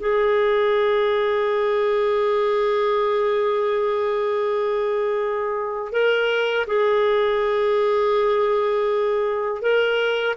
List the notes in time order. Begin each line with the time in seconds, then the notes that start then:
0.00 G#4
5.92 A#4
6.67 G#4
9.62 A#4